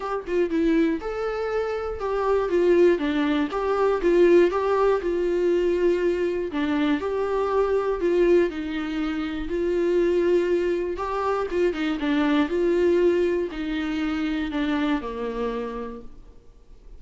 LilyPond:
\new Staff \with { instrumentName = "viola" } { \time 4/4 \tempo 4 = 120 g'8 f'8 e'4 a'2 | g'4 f'4 d'4 g'4 | f'4 g'4 f'2~ | f'4 d'4 g'2 |
f'4 dis'2 f'4~ | f'2 g'4 f'8 dis'8 | d'4 f'2 dis'4~ | dis'4 d'4 ais2 | }